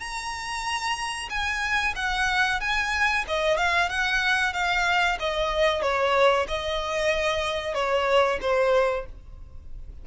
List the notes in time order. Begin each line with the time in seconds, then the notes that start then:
0.00 A#5
1.30 G#5
1.96 F#5
2.60 G#5
3.28 D#5
3.57 F5
3.89 F#5
4.53 F5
5.20 D#5
5.82 C#5
6.48 D#5
7.74 C#5
8.41 C5